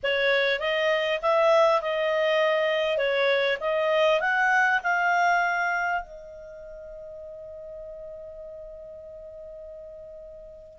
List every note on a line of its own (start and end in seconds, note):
0.03 0.59 C#5
0.59 1.19 D#5
1.22 1.81 E5
1.81 2.97 D#5
2.97 3.57 C#5
3.60 4.20 D#5
4.20 4.80 F#5
4.83 6.02 F5
6.02 10.78 D#5